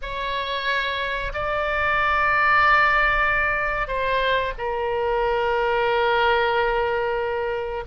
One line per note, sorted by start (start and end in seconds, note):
0.02 1.32 C#5
1.33 3.87 D5
3.87 4.52 C5
4.58 7.84 A#4